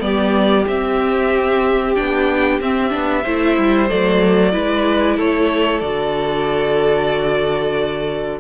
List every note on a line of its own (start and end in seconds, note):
0.00 0.66 G3
0.00 0.65 B3
0.00 3.23 G4
0.00 0.66 D5
0.67 1.96 C4
0.67 1.95 E5
1.95 2.60 B3
1.95 2.60 D4
1.95 2.59 G5
2.60 2.92 C4
2.60 2.90 C4
2.60 3.89 E5
2.90 3.26 B3
2.90 3.22 D4
3.23 3.58 A3
3.23 3.89 E4
3.23 4.52 C5
3.58 3.91 G3
3.89 4.55 F#3
3.89 4.52 A3
3.89 5.18 D5
4.52 5.18 G#3
4.52 5.81 E4
4.52 5.17 B4
5.17 5.82 A3
5.17 8.40 A4
5.17 5.81 C#5
5.81 8.40 D3
5.81 8.40 F#4
5.81 8.39 D5